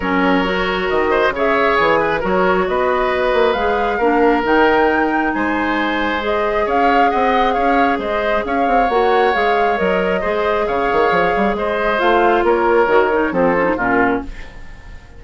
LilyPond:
<<
  \new Staff \with { instrumentName = "flute" } { \time 4/4 \tempo 4 = 135 cis''2 dis''4 e''4 | gis''4 cis''4 dis''2 | f''2 g''2 | gis''2 dis''4 f''4 |
fis''4 f''4 dis''4 f''4 | fis''4 f''4 dis''2 | f''2 dis''4 f''4 | cis''2 c''4 ais'4 | }
  \new Staff \with { instrumentName = "oboe" } { \time 4/4 ais'2~ ais'8 c''8 cis''4~ | cis''8 b'8 ais'4 b'2~ | b'4 ais'2. | c''2. cis''4 |
dis''4 cis''4 c''4 cis''4~ | cis''2. c''4 | cis''2 c''2 | ais'2 a'4 f'4 | }
  \new Staff \with { instrumentName = "clarinet" } { \time 4/4 cis'4 fis'2 gis'4~ | gis'4 fis'2. | gis'4 d'4 dis'2~ | dis'2 gis'2~ |
gis'1 | fis'4 gis'4 ais'4 gis'4~ | gis'2. f'4~ | f'4 fis'8 dis'8 c'8 cis'16 dis'16 cis'4 | }
  \new Staff \with { instrumentName = "bassoon" } { \time 4/4 fis2 dis4 cis4 | e4 fis4 b4. ais8 | gis4 ais4 dis2 | gis2. cis'4 |
c'4 cis'4 gis4 cis'8 c'8 | ais4 gis4 fis4 gis4 | cis8 dis8 f8 g8 gis4 a4 | ais4 dis4 f4 ais,4 | }
>>